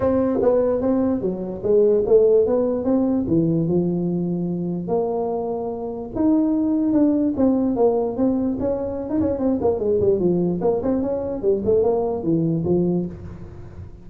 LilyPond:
\new Staff \with { instrumentName = "tuba" } { \time 4/4 \tempo 4 = 147 c'4 b4 c'4 fis4 | gis4 a4 b4 c'4 | e4 f2. | ais2. dis'4~ |
dis'4 d'4 c'4 ais4 | c'4 cis'4~ cis'16 dis'16 cis'8 c'8 ais8 | gis8 g8 f4 ais8 c'8 cis'4 | g8 a8 ais4 e4 f4 | }